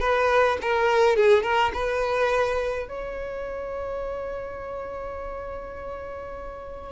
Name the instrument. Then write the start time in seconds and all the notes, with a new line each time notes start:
violin
0.00 B4
0.62 A#4
1.16 G#4
1.43 A#4
1.74 B4
2.88 C#5